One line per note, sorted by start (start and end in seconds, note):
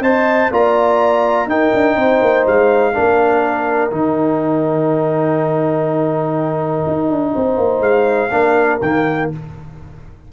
0.00 0.49 C4
0.00 0.52 C5
0.00 0.50 D#5
0.00 0.52 A5
0.51 1.46 A#3
0.51 1.49 F4
0.51 1.49 D5
0.51 1.49 A#5
1.46 1.71 D#4
1.46 2.93 D#4
1.46 1.95 A#4
1.46 2.47 G5
1.74 1.96 D4
1.95 2.20 C4
1.95 2.93 C5
2.22 2.46 A#3
2.47 2.95 G#3
2.47 3.92 F5
2.93 3.92 A#3
2.93 3.91 D4
2.93 7.33 A#4
3.91 6.84 D#3
3.91 8.30 D#4
3.91 7.82 G5
6.87 7.10 D#4
7.10 7.34 D4
7.34 7.57 C4
7.34 8.31 C5
7.57 7.80 A#3
7.80 8.29 G#3
7.80 8.79 F5
8.31 8.80 A#3
8.31 8.80 D4
8.31 9.31 A#4
8.82 9.30 D#3
8.82 9.32 A#3
8.82 9.30 G5